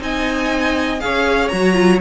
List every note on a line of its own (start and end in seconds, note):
0.00 1.01 C4
0.00 1.00 D#4
0.00 1.04 D#5
0.00 1.01 G#5
1.00 1.53 C#4
1.00 1.50 G#4
1.00 2.01 C#5
1.00 1.49 F5
1.49 2.01 F#3
1.49 1.74 F#4
1.49 1.99 A#5
1.74 1.99 F4